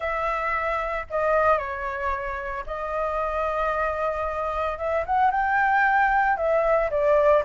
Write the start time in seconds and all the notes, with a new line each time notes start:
0.00 E5
1.10 D#5
1.58 C#5
2.66 D#5
4.78 E5
5.06 F#5
5.30 G5
6.36 E5
6.90 D5